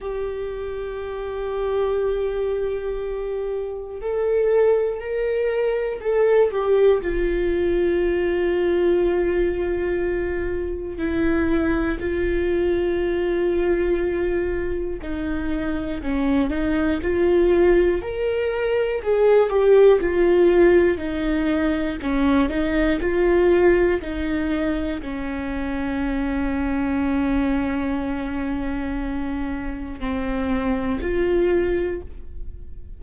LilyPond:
\new Staff \with { instrumentName = "viola" } { \time 4/4 \tempo 4 = 60 g'1 | a'4 ais'4 a'8 g'8 f'4~ | f'2. e'4 | f'2. dis'4 |
cis'8 dis'8 f'4 ais'4 gis'8 g'8 | f'4 dis'4 cis'8 dis'8 f'4 | dis'4 cis'2.~ | cis'2 c'4 f'4 | }